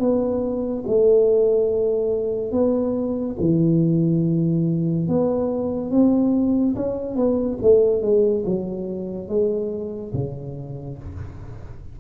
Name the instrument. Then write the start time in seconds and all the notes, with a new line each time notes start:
tuba
0.00 B3
0.88 A3
2.52 B3
3.40 E3
5.09 B3
5.91 C4
6.76 C#4
7.16 B3
7.62 A3
8.02 G#3
8.46 F#3
9.29 G#3
10.14 C#3